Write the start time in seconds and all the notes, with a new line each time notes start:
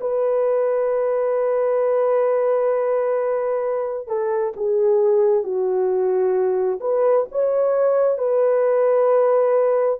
0.00 B4
4.07 A4
4.56 G#4
5.43 F#4
6.80 B4
7.31 C#5
8.18 B4